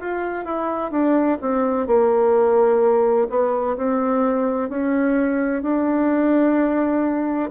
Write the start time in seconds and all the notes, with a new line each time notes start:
0.00 F4
0.45 E4
0.91 D4
1.41 C4
1.87 A#3
3.29 B3
3.77 C4
4.69 C#4
5.62 D4